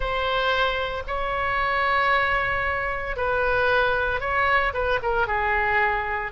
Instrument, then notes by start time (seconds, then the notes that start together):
oboe
0.00 C5
1.07 C#5
3.16 B4
4.20 C#5
4.73 B4
5.02 A#4
5.27 G#4